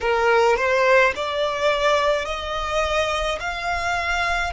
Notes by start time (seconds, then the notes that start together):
0.01 A#4
0.56 C5
1.15 D5
2.25 D#5
3.40 F5